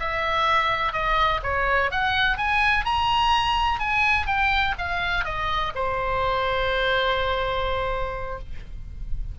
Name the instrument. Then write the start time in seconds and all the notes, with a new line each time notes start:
oboe
0.00 E5
0.93 D#5
1.43 C#5
1.91 F#5
2.38 G#5
2.85 A#5
3.79 G#5
4.27 G5
4.78 F5
5.25 D#5
5.75 C5